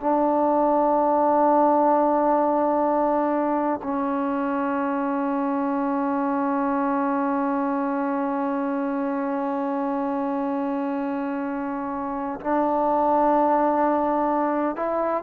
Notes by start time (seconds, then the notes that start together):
0.00 D4
3.83 C#4
12.40 D4
14.76 E4